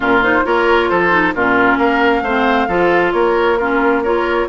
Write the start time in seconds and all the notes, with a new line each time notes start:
0.00 A#2 C#4 F4 A#4
0.22 D#4 C5
0.44 A#3 F4 A#4 C#5
0.88 F3 A4 C5
1.10 D#4
1.34 A#2 C#4 F4 A#4
1.78 A#3 A#4 F5
2.22 A3 C4 C5
2.67 F3 F4 A4
3.12 A#3 A#4 C#5
3.57 C#4 F4 A#4
4.03 F4 A#4 C#5